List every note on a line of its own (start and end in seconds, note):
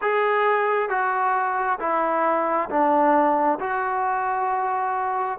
0.01 0.89 G#4
0.89 1.78 F#4
1.79 2.69 E4
2.69 3.59 D4
3.59 5.39 F#4